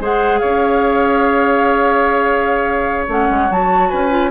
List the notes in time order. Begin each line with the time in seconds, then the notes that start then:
0.00 G#3 G#4 C5 F#5
0.39 C#4 C#5 F5
3.08 A3 C#4 F#5
3.30 G#3
3.50 F#3 F#4 A5
3.90 C#4 B4 G#5
4.10 F4